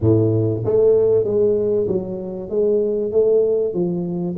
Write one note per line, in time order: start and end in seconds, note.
0.00 0.63 A2
0.64 1.24 A3
1.24 1.86 G#3
1.87 2.49 F#3
2.49 3.11 G#3
3.11 3.73 A3
3.73 4.36 F3